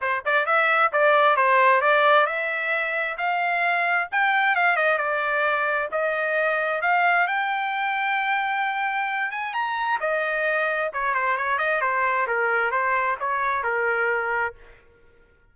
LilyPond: \new Staff \with { instrumentName = "trumpet" } { \time 4/4 \tempo 4 = 132 c''8 d''8 e''4 d''4 c''4 | d''4 e''2 f''4~ | f''4 g''4 f''8 dis''8 d''4~ | d''4 dis''2 f''4 |
g''1~ | g''8 gis''8 ais''4 dis''2 | cis''8 c''8 cis''8 dis''8 c''4 ais'4 | c''4 cis''4 ais'2 | }